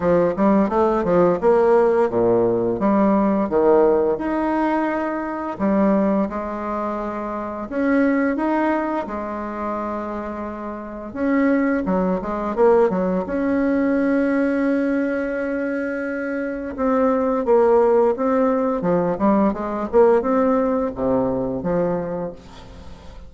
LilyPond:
\new Staff \with { instrumentName = "bassoon" } { \time 4/4 \tempo 4 = 86 f8 g8 a8 f8 ais4 ais,4 | g4 dis4 dis'2 | g4 gis2 cis'4 | dis'4 gis2. |
cis'4 fis8 gis8 ais8 fis8 cis'4~ | cis'1 | c'4 ais4 c'4 f8 g8 | gis8 ais8 c'4 c4 f4 | }